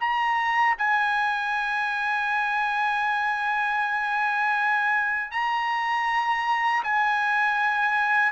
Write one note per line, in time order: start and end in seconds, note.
0.00 0.76 A#5
0.78 5.31 G#5
5.31 6.83 A#5
6.84 8.32 G#5